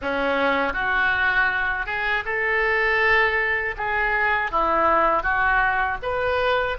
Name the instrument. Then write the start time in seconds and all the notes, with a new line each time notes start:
oboe
0.01 C#4
0.73 F#4
1.86 G#4
2.25 A4
3.77 G#4
4.51 E4
5.22 F#4
6.02 B4